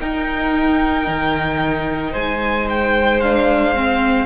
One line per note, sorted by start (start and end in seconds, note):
0.00 3.22 D#4
0.00 1.07 D#4
0.00 2.11 A#4
0.00 2.14 G5
1.07 2.13 D#3
2.11 4.25 G#3
2.11 4.25 C5
2.11 2.67 G#5
2.69 3.20 G5
3.20 3.75 D4
3.20 4.25 F5
3.75 4.25 C4